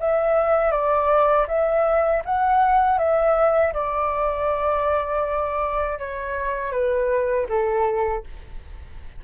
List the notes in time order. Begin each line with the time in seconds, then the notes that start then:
0.00 E5
0.72 D5
1.48 E5
2.25 F#5
2.98 E5
3.74 D5
5.99 C#5
6.72 B4
7.49 A4